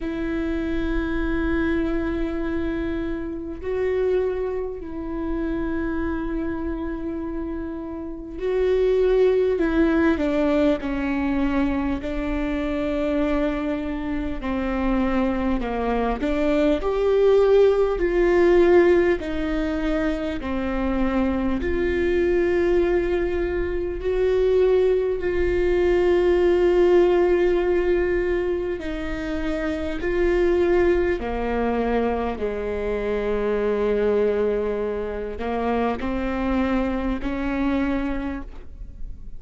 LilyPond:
\new Staff \with { instrumentName = "viola" } { \time 4/4 \tempo 4 = 50 e'2. fis'4 | e'2. fis'4 | e'8 d'8 cis'4 d'2 | c'4 ais8 d'8 g'4 f'4 |
dis'4 c'4 f'2 | fis'4 f'2. | dis'4 f'4 ais4 gis4~ | gis4. ais8 c'4 cis'4 | }